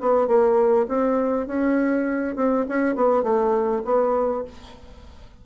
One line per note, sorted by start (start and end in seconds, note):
0.00 0.27 B3
0.27 0.86 A#3
0.88 1.47 C4
1.47 2.36 C#4
2.36 2.65 C4
2.68 2.95 C#4
2.95 3.23 B3
3.23 3.82 A3
3.85 4.44 B3